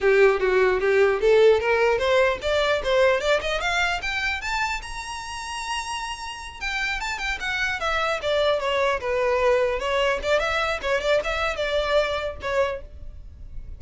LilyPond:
\new Staff \with { instrumentName = "violin" } { \time 4/4 \tempo 4 = 150 g'4 fis'4 g'4 a'4 | ais'4 c''4 d''4 c''4 | d''8 dis''8 f''4 g''4 a''4 | ais''1~ |
ais''8 g''4 a''8 g''8 fis''4 e''8~ | e''8 d''4 cis''4 b'4.~ | b'8 cis''4 d''8 e''4 cis''8 d''8 | e''4 d''2 cis''4 | }